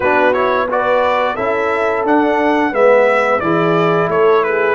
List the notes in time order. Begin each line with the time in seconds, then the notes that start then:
0.00 B3 D4 F#4 B4
0.33 E4 C#5
0.69 F#4 B4 D5
1.34 C#4 E4 A4 E5
2.04 D4 F#5
2.71 G#3 B3 B4 E5
3.39 E3 E4 G#4 D5
4.08 A3 A4 C#5
4.43 G#4 B4